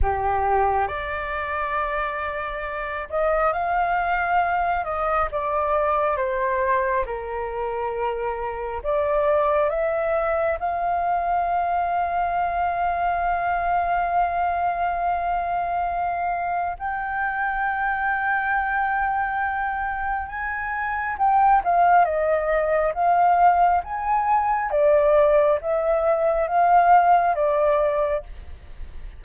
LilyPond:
\new Staff \with { instrumentName = "flute" } { \time 4/4 \tempo 4 = 68 g'4 d''2~ d''8 dis''8 | f''4. dis''8 d''4 c''4 | ais'2 d''4 e''4 | f''1~ |
f''2. g''4~ | g''2. gis''4 | g''8 f''8 dis''4 f''4 gis''4 | d''4 e''4 f''4 d''4 | }